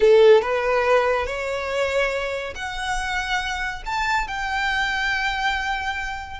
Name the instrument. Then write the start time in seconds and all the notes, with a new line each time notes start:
violin
0.00 A4
0.41 B4
1.26 C#5
2.55 F#5
3.85 A5
4.27 G5